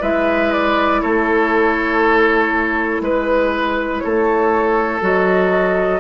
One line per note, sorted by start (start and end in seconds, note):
0.00 1.02 G#3
0.00 5.00 E4
0.00 1.01 B4
0.00 0.52 E5
0.52 1.02 D5
1.02 3.01 A3
1.02 3.02 A4
1.02 3.02 C#5
3.01 4.01 G#3
3.01 4.03 B4
3.01 3.99 B4
3.99 6.00 A4
3.99 4.99 C#5
4.06 5.01 A3
5.01 6.00 F#3
5.01 6.00 F#4
5.01 6.00 D#5